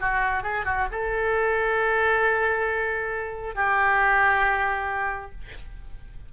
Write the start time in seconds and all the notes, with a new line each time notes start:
0.00 F#4
0.43 G#4
0.65 F#4
0.91 A4
3.55 G4